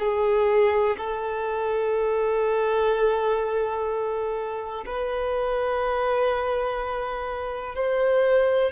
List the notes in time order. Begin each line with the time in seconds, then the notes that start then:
0.00 G#4
0.98 A4
4.87 B4
7.76 C5